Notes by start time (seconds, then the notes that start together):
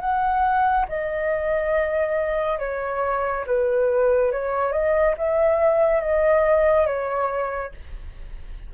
0.00 F#5
0.88 D#5
2.59 C#5
3.46 B4
4.32 C#5
4.72 D#5
5.17 E5
6.01 D#5
6.86 C#5